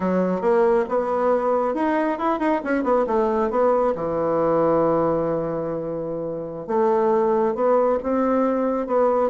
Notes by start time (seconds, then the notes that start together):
0.00 F#3
0.41 A#3
0.89 B3
1.74 D#4
2.18 E4
2.39 D#4
2.64 C#4
2.83 B3
3.06 A3
3.50 B3
3.95 E3
6.67 A3
7.54 B3
8.03 C4
8.86 B3